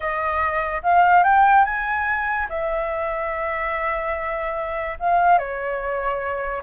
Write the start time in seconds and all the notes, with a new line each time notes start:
0.00 D#5
0.82 F5
1.23 G5
1.64 G#5
2.49 E5
4.99 F5
5.38 C#5